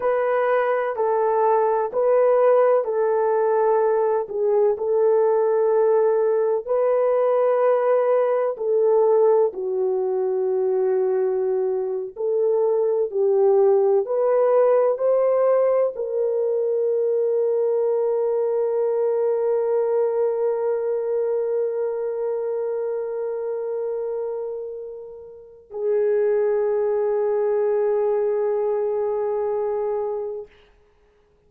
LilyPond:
\new Staff \with { instrumentName = "horn" } { \time 4/4 \tempo 4 = 63 b'4 a'4 b'4 a'4~ | a'8 gis'8 a'2 b'4~ | b'4 a'4 fis'2~ | fis'8. a'4 g'4 b'4 c''16~ |
c''8. ais'2.~ ais'16~ | ais'1~ | ais'2. gis'4~ | gis'1 | }